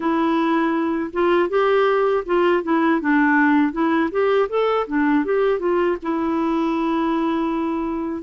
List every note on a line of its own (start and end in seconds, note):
0.00 1.10 E4
1.12 1.49 F4
1.49 2.24 G4
2.25 2.62 F4
2.63 3.00 E4
3.00 3.72 D4
3.72 4.09 E4
4.11 4.48 G4
4.49 4.86 A4
4.87 5.24 D4
5.24 5.59 G4
5.59 5.96 F4
6.02 8.22 E4